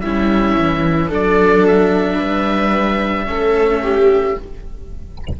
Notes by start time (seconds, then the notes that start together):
0.00 G3 C#4 E4 E5
0.57 E3
1.08 F#3 D4 A4 D5
1.67 E5
2.14 G3 B4
3.25 A3 C#4 A4
3.82 G4